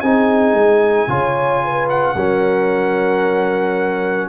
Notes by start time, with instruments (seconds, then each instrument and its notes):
0.00 tuba C4, trombone D#4, horn G#4, trumpet G#5
0.53 tuba G#3
1.08 tuba C#3, trombone F4, horn C#5
1.65 horn B4
1.89 trumpet F#5
2.15 tuba F#3, trombone C#4, horn A#4